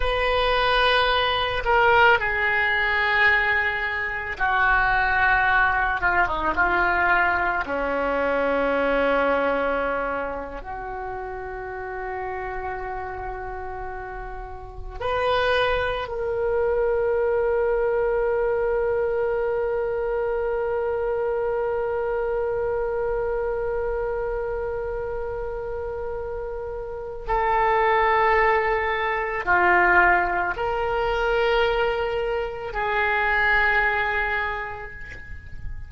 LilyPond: \new Staff \with { instrumentName = "oboe" } { \time 4/4 \tempo 4 = 55 b'4. ais'8 gis'2 | fis'4. f'16 dis'16 f'4 cis'4~ | cis'4.~ cis'16 fis'2~ fis'16~ | fis'4.~ fis'16 b'4 ais'4~ ais'16~ |
ais'1~ | ais'1~ | ais'4 a'2 f'4 | ais'2 gis'2 | }